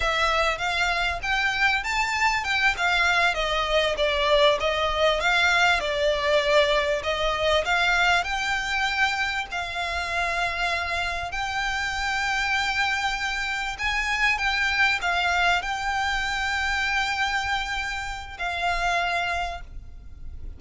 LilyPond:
\new Staff \with { instrumentName = "violin" } { \time 4/4 \tempo 4 = 98 e''4 f''4 g''4 a''4 | g''8 f''4 dis''4 d''4 dis''8~ | dis''8 f''4 d''2 dis''8~ | dis''8 f''4 g''2 f''8~ |
f''2~ f''8 g''4.~ | g''2~ g''8 gis''4 g''8~ | g''8 f''4 g''2~ g''8~ | g''2 f''2 | }